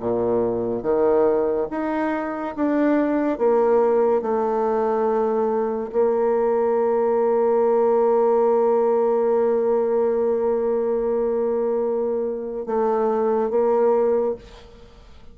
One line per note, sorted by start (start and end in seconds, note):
0.00 0.83 A#2
0.83 1.67 D#3
1.71 2.55 D#4
2.56 3.38 D4
3.38 4.22 A#3
4.22 5.91 A3
5.92 12.66 A#3
12.66 13.51 A3
13.51 14.35 A#3